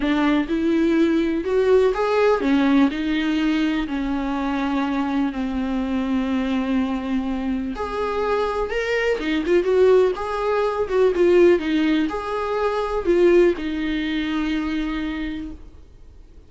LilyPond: \new Staff \with { instrumentName = "viola" } { \time 4/4 \tempo 4 = 124 d'4 e'2 fis'4 | gis'4 cis'4 dis'2 | cis'2. c'4~ | c'1 |
gis'2 ais'4 dis'8 f'8 | fis'4 gis'4. fis'8 f'4 | dis'4 gis'2 f'4 | dis'1 | }